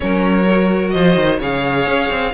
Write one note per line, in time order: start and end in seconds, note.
0.00 0.94 F#3
0.00 0.44 C#4
0.00 0.93 A#4
0.00 0.90 C#5
0.51 1.42 F#4
0.90 1.16 F3
0.90 1.39 C5
0.90 1.37 D#5
1.16 1.39 D#3
1.39 1.86 C#3
1.39 2.34 G#4
1.39 2.32 C#5
1.39 2.34 F5
1.86 2.10 C#4
2.10 2.33 C4